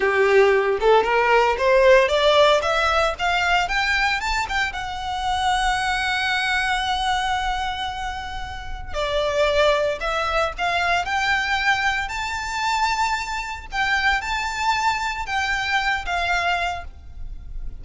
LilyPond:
\new Staff \with { instrumentName = "violin" } { \time 4/4 \tempo 4 = 114 g'4. a'8 ais'4 c''4 | d''4 e''4 f''4 g''4 | a''8 g''8 fis''2.~ | fis''1~ |
fis''4 d''2 e''4 | f''4 g''2 a''4~ | a''2 g''4 a''4~ | a''4 g''4. f''4. | }